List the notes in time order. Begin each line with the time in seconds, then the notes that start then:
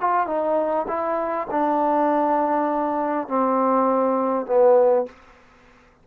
0.00 F4
0.26 D#4
0.88 E4
1.50 D4
3.28 C4
4.46 B3